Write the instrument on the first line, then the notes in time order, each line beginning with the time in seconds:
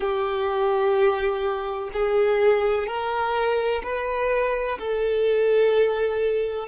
violin
0.00 G4
1.93 G#4
2.87 A#4
3.83 B4
4.79 A4